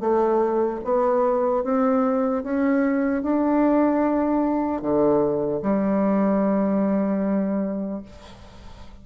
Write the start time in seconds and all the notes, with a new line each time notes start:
0.00 A3
0.84 B3
1.64 C4
2.43 C#4
3.23 D4
4.81 D3
5.62 G3